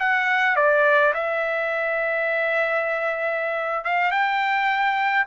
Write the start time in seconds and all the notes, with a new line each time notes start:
0.00 F#5
0.56 D5
1.14 E5
3.84 F5
4.11 G5